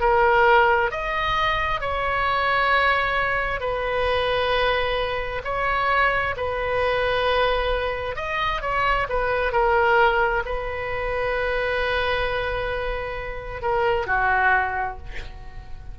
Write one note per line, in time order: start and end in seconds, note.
0.00 0.91 A#4
0.91 1.80 D#5
1.80 3.60 C#5
3.60 5.42 B4
5.44 6.35 C#5
6.37 8.16 B4
8.16 8.61 D#5
8.61 9.07 C#5
9.09 9.52 B4
9.52 10.43 A#4
10.45 13.62 B4
13.62 14.06 A#4
14.06 14.97 F#4